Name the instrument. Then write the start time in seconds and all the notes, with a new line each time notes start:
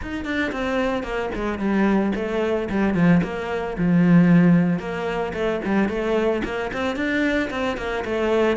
cello
0.02 D#4
0.24 D4
0.52 C4
1.03 A#3
1.34 G#3
1.59 G3
2.15 A3
2.69 G3
2.94 F3
3.23 A#3
3.77 F3
4.79 A#3
5.33 A3
5.64 G3
5.89 A3
6.44 A#3
6.73 C4
6.96 D4
7.50 C4
7.77 A#3
8.05 A3